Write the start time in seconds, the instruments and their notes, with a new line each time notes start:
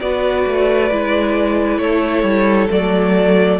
0.00 cello B3, viola F#4, violin B4 D5
0.46 cello A3
0.91 cello G#3, viola E4
1.78 cello A3, violin A4 C#5
2.23 cello G3
2.70 cello F#3, viola A3, violin D5